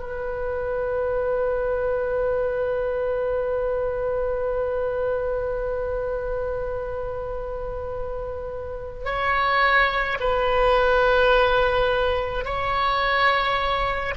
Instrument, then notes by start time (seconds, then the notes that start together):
oboe
0.00 B4
9.05 C#5
10.20 B4
12.45 C#5